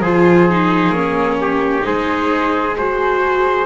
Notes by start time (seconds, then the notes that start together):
0.00 F3 F4 G#4 C5
0.50 D#4
0.90 A#3 C#4 C#5
1.41 G4
1.82 G#3 D#4 G#4 C5
2.77 F#4 G#4 C5